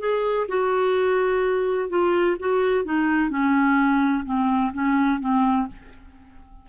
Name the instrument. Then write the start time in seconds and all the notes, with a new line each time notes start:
clarinet
0.00 G#4
0.48 F#4
1.90 F4
2.40 F#4
2.85 D#4
3.30 C#4
4.25 C4
4.74 C#4
5.20 C4